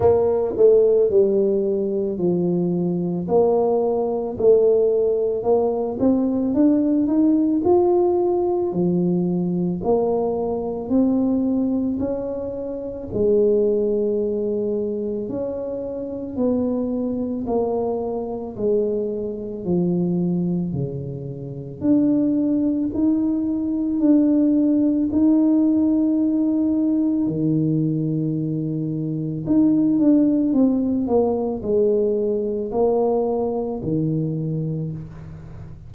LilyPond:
\new Staff \with { instrumentName = "tuba" } { \time 4/4 \tempo 4 = 55 ais8 a8 g4 f4 ais4 | a4 ais8 c'8 d'8 dis'8 f'4 | f4 ais4 c'4 cis'4 | gis2 cis'4 b4 |
ais4 gis4 f4 cis4 | d'4 dis'4 d'4 dis'4~ | dis'4 dis2 dis'8 d'8 | c'8 ais8 gis4 ais4 dis4 | }